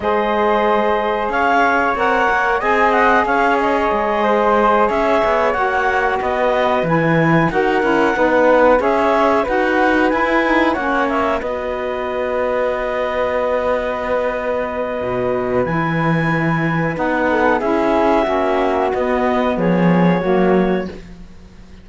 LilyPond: <<
  \new Staff \with { instrumentName = "clarinet" } { \time 4/4 \tempo 4 = 92 dis''2 f''4 fis''4 | gis''8 fis''8 f''8 dis''2 e''8~ | e''8 fis''4 dis''4 gis''4 fis''8~ | fis''4. e''4 fis''4 gis''8~ |
gis''8 fis''8 e''8 dis''2~ dis''8~ | dis''1 | gis''2 fis''4 e''4~ | e''4 dis''4 cis''2 | }
  \new Staff \with { instrumentName = "flute" } { \time 4/4 c''2 cis''2 | dis''4 cis''4. c''4 cis''8~ | cis''4. b'2 ais'8~ | ais'8 b'4 cis''4 b'4.~ |
b'8 cis''4 b'2~ b'8~ | b'1~ | b'2~ b'8 a'8 gis'4 | fis'2 gis'4 fis'4 | }
  \new Staff \with { instrumentName = "saxophone" } { \time 4/4 gis'2. ais'4 | gis'1~ | gis'8 fis'2 e'4 fis'8 | e'8 dis'4 gis'4 fis'4 e'8 |
dis'8 cis'4 fis'2~ fis'8~ | fis'1 | e'2 dis'4 e'4 | cis'4 b2 ais4 | }
  \new Staff \with { instrumentName = "cello" } { \time 4/4 gis2 cis'4 c'8 ais8 | c'4 cis'4 gis4. cis'8 | b8 ais4 b4 e4 dis'8 | cis'8 b4 cis'4 dis'4 e'8~ |
e'8 ais4 b2~ b8~ | b2. b,4 | e2 b4 cis'4 | ais4 b4 f4 fis4 | }
>>